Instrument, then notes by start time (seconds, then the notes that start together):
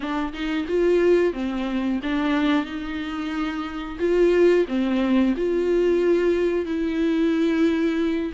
viola
0.00 D4
0.33 D#4
0.68 F4
1.33 C4
2.02 D4
2.65 D#4
3.99 F4
4.68 C4
5.37 F4
6.65 E4